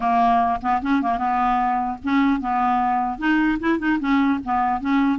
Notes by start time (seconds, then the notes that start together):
0.00 A#3
0.61 B3
0.81 C#4
1.02 A#3
1.18 B3
2.03 C#4
2.40 B3
3.18 D#4
3.59 E4
3.79 D#4
3.99 C#4
4.44 B3
4.80 C#4